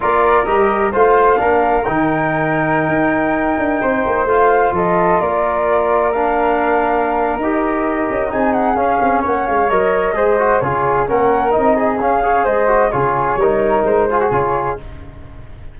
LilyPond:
<<
  \new Staff \with { instrumentName = "flute" } { \time 4/4 \tempo 4 = 130 d''4 dis''4 f''2 | g''1~ | g''4~ g''16 f''4 dis''4 d''8.~ | d''4~ d''16 f''2~ f''8. |
dis''2 gis''8 fis''8 f''4 | fis''8 f''8 dis''2 cis''4 | fis''4 dis''4 f''4 dis''4 | cis''2 c''4 cis''4 | }
  \new Staff \with { instrumentName = "flute" } { \time 4/4 ais'2 c''4 ais'4~ | ais'1~ | ais'16 c''2 a'4 ais'8.~ | ais'1~ |
ais'2 gis'2 | cis''2 c''4 gis'4 | ais'4. gis'4 cis''8 c''4 | gis'4 ais'4. gis'4. | }
  \new Staff \with { instrumentName = "trombone" } { \time 4/4 f'4 g'4 f'4 d'4 | dis'1~ | dis'4~ dis'16 f'2~ f'8.~ | f'4~ f'16 d'2~ d'8. |
g'2 dis'4 cis'4~ | cis'4 ais'4 gis'8 fis'8 f'4 | cis'4 dis'4 cis'8 gis'4 fis'8 | f'4 dis'4. f'16 fis'16 f'4 | }
  \new Staff \with { instrumentName = "tuba" } { \time 4/4 ais4 g4 a4 ais4 | dis2~ dis16 dis'4. d'16~ | d'16 c'8 ais8 a4 f4 ais8.~ | ais1 |
dis'4. cis'8 c'4 cis'8 c'8 | ais8 gis8 fis4 gis4 cis4 | ais4 c'4 cis'4 gis4 | cis4 g4 gis4 cis4 | }
>>